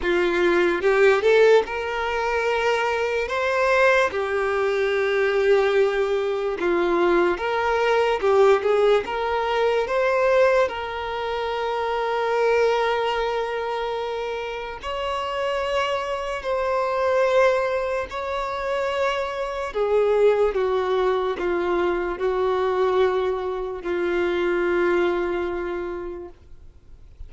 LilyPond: \new Staff \with { instrumentName = "violin" } { \time 4/4 \tempo 4 = 73 f'4 g'8 a'8 ais'2 | c''4 g'2. | f'4 ais'4 g'8 gis'8 ais'4 | c''4 ais'2.~ |
ais'2 cis''2 | c''2 cis''2 | gis'4 fis'4 f'4 fis'4~ | fis'4 f'2. | }